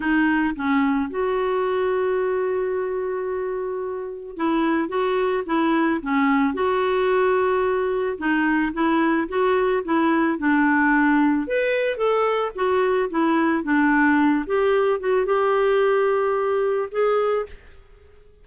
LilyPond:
\new Staff \with { instrumentName = "clarinet" } { \time 4/4 \tempo 4 = 110 dis'4 cis'4 fis'2~ | fis'1 | e'4 fis'4 e'4 cis'4 | fis'2. dis'4 |
e'4 fis'4 e'4 d'4~ | d'4 b'4 a'4 fis'4 | e'4 d'4. g'4 fis'8 | g'2. gis'4 | }